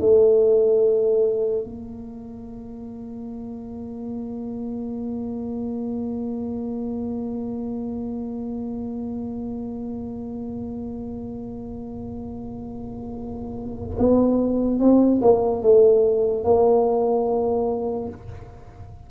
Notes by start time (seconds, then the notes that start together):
0.00 A3
1.64 A#3
13.99 B3
14.79 C4
15.21 A#3
15.62 A3
16.44 A#3